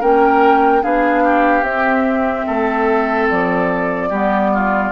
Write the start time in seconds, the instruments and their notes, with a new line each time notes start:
0.00 bassoon A#3, clarinet C#4, oboe A#4, flute G5
0.82 bassoon B3, clarinet D4, oboe G#4, flute F5
1.24 oboe G4
1.62 bassoon C4, clarinet C4, flute E5
2.47 bassoon A3, oboe A4
3.30 bassoon F3, flute D5
4.10 bassoon G3, clarinet B3, oboe G4
4.54 oboe F4